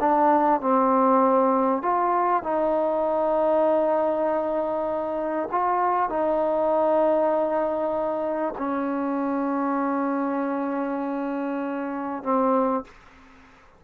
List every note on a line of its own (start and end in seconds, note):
0.00 0.60 D4
0.60 1.82 C4
1.82 2.43 F4
2.43 5.49 D#4
5.51 6.09 F4
6.09 8.54 D#4
8.57 12.23 C#4
12.23 12.84 C4